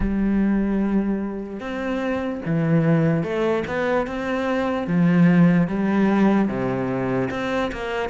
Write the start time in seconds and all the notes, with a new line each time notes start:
0.00 G3
1.60 C4
2.45 E3
3.23 A3
3.67 B3
4.07 C4
4.87 F3
5.67 G3
6.48 C3
7.30 C4
7.71 A#3